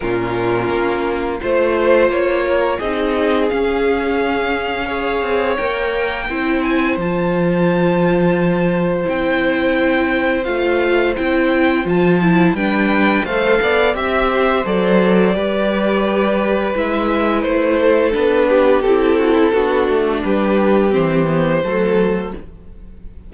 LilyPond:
<<
  \new Staff \with { instrumentName = "violin" } { \time 4/4 \tempo 4 = 86 ais'2 c''4 cis''4 | dis''4 f''2. | g''4. gis''8 a''2~ | a''4 g''2 f''4 |
g''4 a''4 g''4 f''4 | e''4 d''2. | e''4 c''4 b'4 a'4~ | a'4 b'4 c''2 | }
  \new Staff \with { instrumentName = "violin" } { \time 4/4 f'2 c''4. ais'8 | gis'2. cis''4~ | cis''4 c''2.~ | c''1~ |
c''2 b'4 c''8 d''8 | e''8 c''4. b'2~ | b'4. a'4 g'4 fis'16 e'16 | fis'4 g'2 a'4 | }
  \new Staff \with { instrumentName = "viola" } { \time 4/4 cis'2 f'2 | dis'4 cis'2 gis'4 | ais'4 e'4 f'2~ | f'4 e'2 f'4 |
e'4 f'8 e'8 d'4 a'4 | g'4 a'4 g'2 | e'2 d'4 e'4 | d'2 c'8 b8 a4 | }
  \new Staff \with { instrumentName = "cello" } { \time 4/4 ais,4 ais4 a4 ais4 | c'4 cis'2~ cis'8 c'8 | ais4 c'4 f2~ | f4 c'2 a4 |
c'4 f4 g4 a8 b8 | c'4 fis4 g2 | gis4 a4 b4 c'4 | b8 a8 g4 e4 fis4 | }
>>